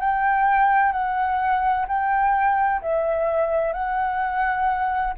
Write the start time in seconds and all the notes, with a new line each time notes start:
0.00 G5
0.92 F#5
1.87 G5
2.81 E5
3.73 F#5